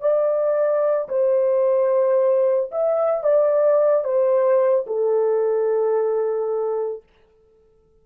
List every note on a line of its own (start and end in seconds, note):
0.00 1.08 D5
1.08 2.71 C5
2.71 3.23 E5
3.23 4.04 D5
4.04 4.85 C5
4.86 7.03 A4